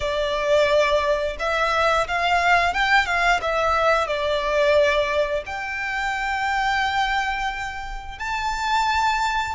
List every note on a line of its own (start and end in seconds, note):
0.00 1.36 D5
1.39 2.07 E5
2.07 2.73 F5
2.73 3.06 G5
3.06 3.40 F5
3.41 4.07 E5
4.07 5.43 D5
5.45 8.18 G5
8.18 9.55 A5